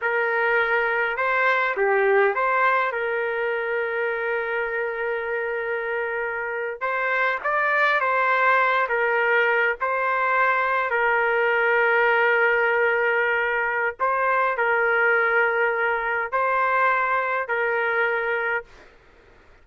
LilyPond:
\new Staff \with { instrumentName = "trumpet" } { \time 4/4 \tempo 4 = 103 ais'2 c''4 g'4 | c''4 ais'2.~ | ais'2.~ ais'8. c''16~ | c''8. d''4 c''4. ais'8.~ |
ais'8. c''2 ais'4~ ais'16~ | ais'1 | c''4 ais'2. | c''2 ais'2 | }